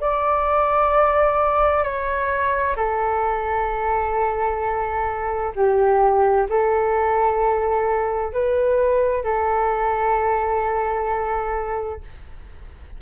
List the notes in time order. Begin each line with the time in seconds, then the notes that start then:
0.00 D5
1.83 C#5
2.76 A4
5.55 G4
6.49 A4
8.32 B4
9.23 A4